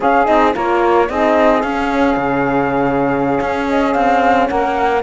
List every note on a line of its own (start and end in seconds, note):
0.00 0.25 C#4
0.00 0.27 C#4
0.00 0.54 G#4
0.00 0.26 F5
0.25 0.55 C4
0.25 0.52 D#4
0.25 0.53 D#5
0.54 1.09 A#3
0.54 1.08 F4
0.54 1.09 A#4
0.54 1.09 C#5
1.08 1.63 C4
1.08 1.63 D#4
1.08 4.49 G#4
1.08 1.61 D#5
1.61 2.16 C#4
1.61 5.03 C#4
1.61 3.66 F5
2.16 3.39 C#3
3.40 3.94 C#4
3.69 3.93 D#5
3.93 4.49 C4
3.93 4.47 F5
4.47 5.03 A#3
4.47 5.03 A#4
4.47 5.02 F#5